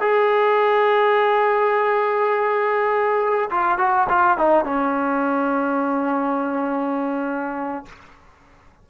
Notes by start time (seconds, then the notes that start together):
0.00 G#4
3.50 F4
3.78 F#4
4.09 F4
4.38 D#4
4.65 C#4